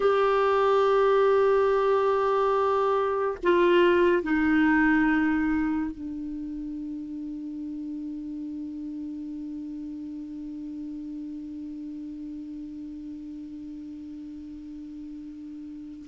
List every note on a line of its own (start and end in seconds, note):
0.00 3.37 G4
3.43 4.23 F4
4.23 5.92 D#4
5.92 16.06 D4